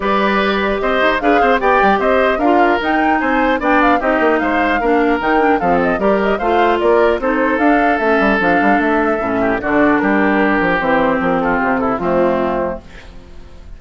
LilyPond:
<<
  \new Staff \with { instrumentName = "flute" } { \time 4/4 \tempo 4 = 150 d''2 dis''4 f''4 | g''4 dis''4 f''4 g''4 | gis''4 g''8 f''8 dis''4 f''4~ | f''4 g''4 f''8 dis''8 d''8 dis''8 |
f''4 d''4 c''4 f''4 | e''4 f''4 e''2 | d''4 ais'2 c''4 | ais'8 a'8 g'8 a'8 f'2 | }
  \new Staff \with { instrumentName = "oboe" } { \time 4/4 b'2 c''4 b'8 c''8 | d''4 c''4 ais'2 | c''4 d''4 g'4 c''4 | ais'2 a'4 ais'4 |
c''4 ais'4 a'2~ | a'2.~ a'8 g'8 | fis'4 g'2.~ | g'8 f'4 e'8 c'2 | }
  \new Staff \with { instrumentName = "clarinet" } { \time 4/4 g'2. gis'4 | g'2 f'4 dis'4~ | dis'4 d'4 dis'2 | d'4 dis'8 d'8 c'4 g'4 |
f'2 dis'4 d'4 | cis'4 d'2 cis'4 | d'2. c'4~ | c'2 a2 | }
  \new Staff \with { instrumentName = "bassoon" } { \time 4/4 g2 c'8 dis'8 d'8 c'8 | b8 g8 c'4 d'4 dis'4 | c'4 b4 c'8 ais8 gis4 | ais4 dis4 f4 g4 |
a4 ais4 c'4 d'4 | a8 g8 f8 g8 a4 a,4 | d4 g4. f8 e4 | f4 c4 f2 | }
>>